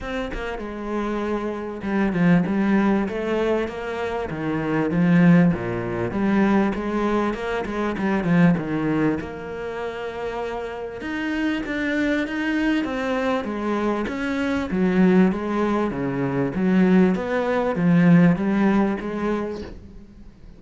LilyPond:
\new Staff \with { instrumentName = "cello" } { \time 4/4 \tempo 4 = 98 c'8 ais8 gis2 g8 f8 | g4 a4 ais4 dis4 | f4 ais,4 g4 gis4 | ais8 gis8 g8 f8 dis4 ais4~ |
ais2 dis'4 d'4 | dis'4 c'4 gis4 cis'4 | fis4 gis4 cis4 fis4 | b4 f4 g4 gis4 | }